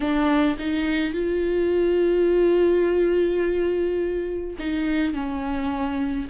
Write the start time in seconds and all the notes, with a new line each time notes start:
0.00 D4
0.58 D#4
1.13 F4
4.58 D#4
5.13 C#4